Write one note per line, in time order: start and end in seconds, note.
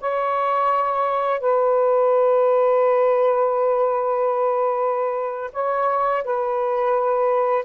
0.00 1.40 C#5
1.40 5.51 B4
5.52 6.24 C#5
6.24 7.64 B4